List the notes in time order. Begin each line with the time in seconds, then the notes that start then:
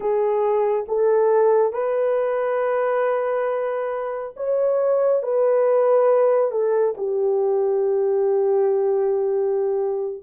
0.00 G#4
0.87 A4
1.72 B4
4.36 C#5
5.23 B4
6.51 A4
6.97 G4